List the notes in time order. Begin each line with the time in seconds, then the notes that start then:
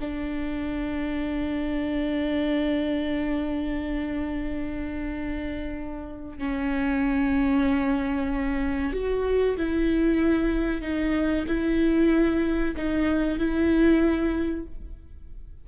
0.00 D4
6.38 C#4
8.93 F#4
9.57 E4
10.81 D#4
11.47 E4
12.76 D#4
13.38 E4